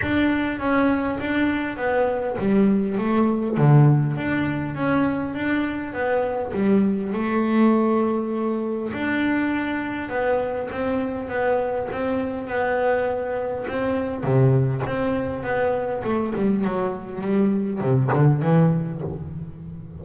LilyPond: \new Staff \with { instrumentName = "double bass" } { \time 4/4 \tempo 4 = 101 d'4 cis'4 d'4 b4 | g4 a4 d4 d'4 | cis'4 d'4 b4 g4 | a2. d'4~ |
d'4 b4 c'4 b4 | c'4 b2 c'4 | c4 c'4 b4 a8 g8 | fis4 g4 c8 d8 e4 | }